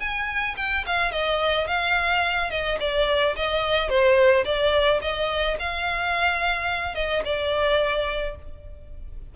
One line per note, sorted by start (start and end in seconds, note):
0.00 0.56 G#5
0.57 0.85 G5
0.87 1.12 F5
1.12 1.67 D#5
1.67 2.51 F5
2.51 2.78 D#5
2.80 3.36 D5
3.36 3.89 D#5
3.89 4.45 C5
4.45 5.01 D5
5.02 5.58 D#5
5.59 6.95 F5
6.95 7.23 D#5
7.25 8.36 D5